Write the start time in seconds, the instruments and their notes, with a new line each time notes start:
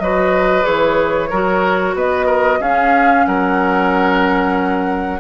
0.00 bassoon F#3, clarinet F#4, oboe B4, flute D#5
0.62 bassoon E3, clarinet G#4, flute C#5
1.30 bassoon F#3, clarinet F#4, oboe A#4
1.95 bassoon B3, oboe B4, flute D#5
2.26 oboe A#4
2.60 bassoon C#4, clarinet C#4, oboe G#4, flute F5
3.26 bassoon F#3, oboe A#4, flute F#5